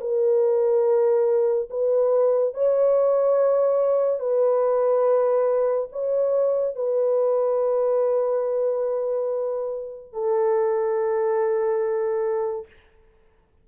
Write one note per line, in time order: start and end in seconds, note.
0.00 1.69 A#4
1.70 2.54 B4
2.54 4.19 C#5
4.19 5.88 B4
5.92 6.75 C#5
6.75 10.13 B4
10.13 12.66 A4